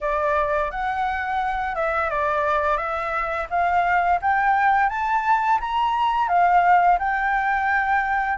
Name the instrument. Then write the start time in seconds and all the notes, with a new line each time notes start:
flute
0.00 D5
0.70 F#5
1.75 E5
2.10 D5
2.77 E5
3.49 F5
4.21 G5
4.89 A5
5.60 A#5
6.28 F5
6.98 G5